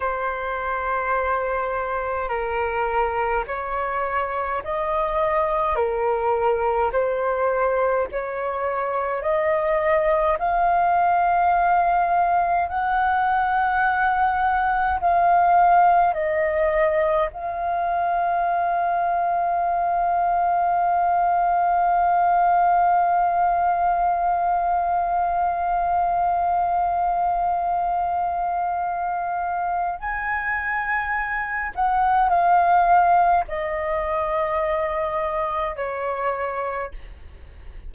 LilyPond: \new Staff \with { instrumentName = "flute" } { \time 4/4 \tempo 4 = 52 c''2 ais'4 cis''4 | dis''4 ais'4 c''4 cis''4 | dis''4 f''2 fis''4~ | fis''4 f''4 dis''4 f''4~ |
f''1~ | f''1~ | f''2 gis''4. fis''8 | f''4 dis''2 cis''4 | }